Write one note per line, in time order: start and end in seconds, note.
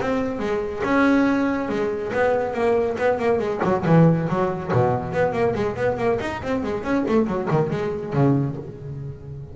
0.00 0.39 C4
0.39 0.82 G#3
0.84 1.69 C#4
1.69 2.12 G#3
2.13 2.53 B3
2.53 2.96 A#3
2.98 3.19 B3
3.19 3.39 A#3
3.39 3.61 G#3
3.63 3.85 F#3
3.86 4.28 E3
4.28 4.71 F#3
4.72 5.13 B2
5.13 5.32 B3
5.32 5.54 A#3
5.55 5.76 G#3
5.76 5.97 B3
5.97 6.19 A#3
6.20 6.41 D#4
6.42 6.63 C4
6.63 6.83 G#3
6.83 7.05 C#4
7.08 7.27 A3
7.27 7.48 F#3
7.51 7.70 D#3
7.70 8.13 G#3
8.13 8.56 C#3